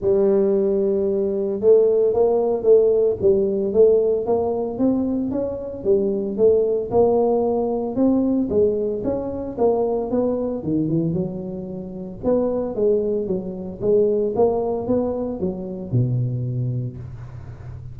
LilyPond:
\new Staff \with { instrumentName = "tuba" } { \time 4/4 \tempo 4 = 113 g2. a4 | ais4 a4 g4 a4 | ais4 c'4 cis'4 g4 | a4 ais2 c'4 |
gis4 cis'4 ais4 b4 | dis8 e8 fis2 b4 | gis4 fis4 gis4 ais4 | b4 fis4 b,2 | }